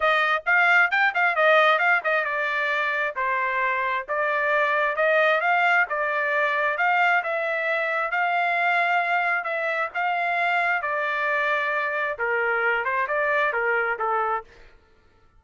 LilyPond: \new Staff \with { instrumentName = "trumpet" } { \time 4/4 \tempo 4 = 133 dis''4 f''4 g''8 f''8 dis''4 | f''8 dis''8 d''2 c''4~ | c''4 d''2 dis''4 | f''4 d''2 f''4 |
e''2 f''2~ | f''4 e''4 f''2 | d''2. ais'4~ | ais'8 c''8 d''4 ais'4 a'4 | }